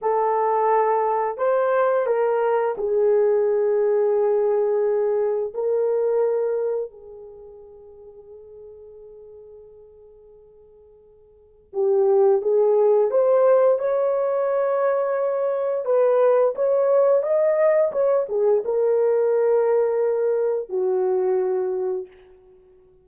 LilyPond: \new Staff \with { instrumentName = "horn" } { \time 4/4 \tempo 4 = 87 a'2 c''4 ais'4 | gis'1 | ais'2 gis'2~ | gis'1~ |
gis'4 g'4 gis'4 c''4 | cis''2. b'4 | cis''4 dis''4 cis''8 gis'8 ais'4~ | ais'2 fis'2 | }